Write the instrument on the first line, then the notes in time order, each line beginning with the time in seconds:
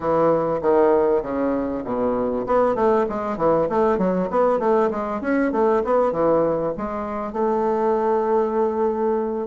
bassoon
0.00 E3
0.61 D#3
1.22 C#3
1.84 B2
2.46 B3
2.75 A3
3.09 G#3
3.37 E3
3.69 A3
3.98 F#3
4.30 B3
4.59 A3
4.91 G#3
5.21 C#4
5.52 A3
5.84 B3
6.12 E3
6.77 G#3
7.32 A3